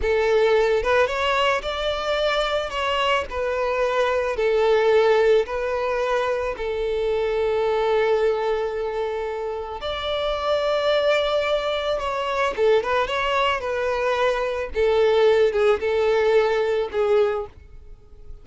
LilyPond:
\new Staff \with { instrumentName = "violin" } { \time 4/4 \tempo 4 = 110 a'4. b'8 cis''4 d''4~ | d''4 cis''4 b'2 | a'2 b'2 | a'1~ |
a'2 d''2~ | d''2 cis''4 a'8 b'8 | cis''4 b'2 a'4~ | a'8 gis'8 a'2 gis'4 | }